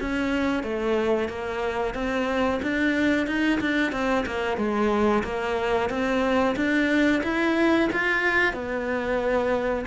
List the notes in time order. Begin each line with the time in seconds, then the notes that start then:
0.00 C#4
0.63 A3
1.29 A#3
1.94 C4
2.62 D4
3.26 D#4
3.60 D4
3.92 C4
4.26 A#3
4.57 G#3
5.23 A#3
5.89 C4
6.55 D4
7.23 E4
7.92 F4
8.53 B3